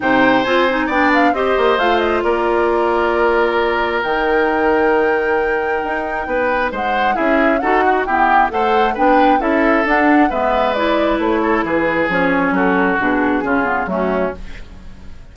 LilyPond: <<
  \new Staff \with { instrumentName = "flute" } { \time 4/4 \tempo 4 = 134 g''4 gis''4 g''8 f''8 dis''4 | f''8 dis''8 d''2.~ | d''4 g''2.~ | g''2. fis''4 |
e''4 fis''4 g''4 fis''4 | g''4 e''4 fis''4 e''4 | d''4 cis''4 b'4 cis''4 | a'4 gis'2 fis'4 | }
  \new Staff \with { instrumentName = "oboe" } { \time 4/4 c''2 d''4 c''4~ | c''4 ais'2.~ | ais'1~ | ais'2 b'4 c''4 |
gis'4 a'8 fis'8 g'4 c''4 | b'4 a'2 b'4~ | b'4. a'8 gis'2 | fis'2 f'4 cis'4 | }
  \new Staff \with { instrumentName = "clarinet" } { \time 4/4 dis'4 f'8 dis'8 d'4 g'4 | f'1~ | f'4 dis'2.~ | dis'1 |
e'4 fis'4 b4 a'4 | d'4 e'4 d'4 b4 | e'2. cis'4~ | cis'4 d'4 cis'8 b8 a4 | }
  \new Staff \with { instrumentName = "bassoon" } { \time 4/4 c4 c'4 b4 c'8 ais8 | a4 ais2.~ | ais4 dis2.~ | dis4 dis'4 b4 gis4 |
cis'4 dis'4 e'4 a4 | b4 cis'4 d'4 gis4~ | gis4 a4 e4 f4 | fis4 b,4 cis4 fis4 | }
>>